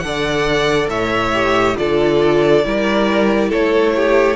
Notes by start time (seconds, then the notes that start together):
0.00 D3 A4 D5 F#5
0.88 A2 C#5 E5
1.34 G4
1.76 D3 F4 A4 D5
2.65 G3 E4 A#4
3.50 A3 A4 C#5
3.96 G4